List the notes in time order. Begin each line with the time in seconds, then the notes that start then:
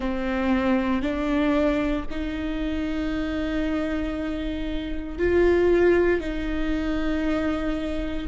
0.00 C4
1.02 D4
2.10 D#4
5.18 F4
6.20 D#4